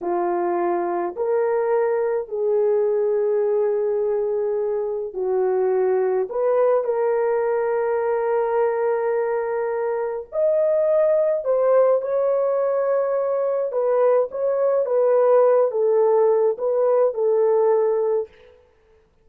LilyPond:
\new Staff \with { instrumentName = "horn" } { \time 4/4 \tempo 4 = 105 f'2 ais'2 | gis'1~ | gis'4 fis'2 b'4 | ais'1~ |
ais'2 dis''2 | c''4 cis''2. | b'4 cis''4 b'4. a'8~ | a'4 b'4 a'2 | }